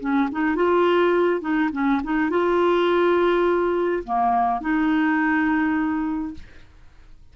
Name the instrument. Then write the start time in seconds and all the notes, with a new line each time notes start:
clarinet
0.00 C#4
0.32 D#4
0.56 F4
1.41 D#4
1.73 C#4
2.04 D#4
2.30 F4
4.04 A#3
4.61 D#4